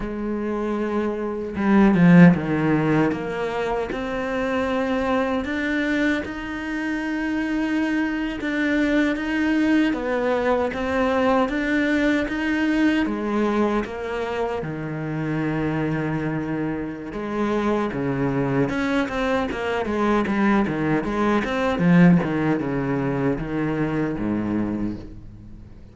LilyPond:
\new Staff \with { instrumentName = "cello" } { \time 4/4 \tempo 4 = 77 gis2 g8 f8 dis4 | ais4 c'2 d'4 | dis'2~ dis'8. d'4 dis'16~ | dis'8. b4 c'4 d'4 dis'16~ |
dis'8. gis4 ais4 dis4~ dis16~ | dis2 gis4 cis4 | cis'8 c'8 ais8 gis8 g8 dis8 gis8 c'8 | f8 dis8 cis4 dis4 gis,4 | }